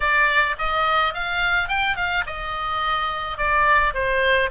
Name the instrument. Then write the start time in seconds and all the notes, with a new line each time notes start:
oboe
0.00 D5
0.58 D#5
1.13 F5
1.68 G5
1.96 F5
2.26 D#5
3.37 D5
3.94 C5